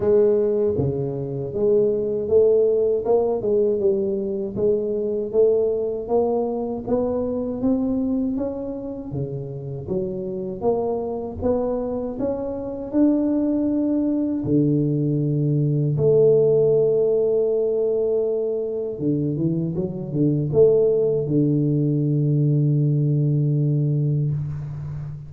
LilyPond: \new Staff \with { instrumentName = "tuba" } { \time 4/4 \tempo 4 = 79 gis4 cis4 gis4 a4 | ais8 gis8 g4 gis4 a4 | ais4 b4 c'4 cis'4 | cis4 fis4 ais4 b4 |
cis'4 d'2 d4~ | d4 a2.~ | a4 d8 e8 fis8 d8 a4 | d1 | }